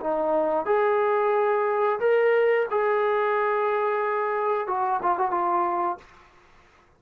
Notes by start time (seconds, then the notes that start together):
0.00 D#4
0.65 G#4
2.00 A#4
2.70 G#4
4.67 F#4
5.02 F4
5.18 F#4
5.31 F4